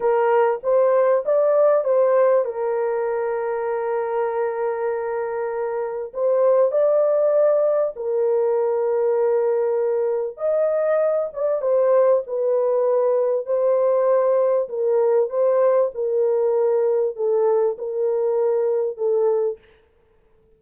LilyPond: \new Staff \with { instrumentName = "horn" } { \time 4/4 \tempo 4 = 98 ais'4 c''4 d''4 c''4 | ais'1~ | ais'2 c''4 d''4~ | d''4 ais'2.~ |
ais'4 dis''4. d''8 c''4 | b'2 c''2 | ais'4 c''4 ais'2 | a'4 ais'2 a'4 | }